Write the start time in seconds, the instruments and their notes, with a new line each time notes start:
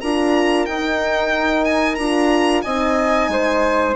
0.00 bassoon D4, horn F4, flute A#4, violin A#5
0.65 bassoon D#4, horn D#4, violin G5
1.64 violin G#5
1.95 bassoon D4, horn F4, violin A#5
2.62 bassoon C4, horn D#4, flute D#5, violin G#5
3.28 bassoon G#3, flute C5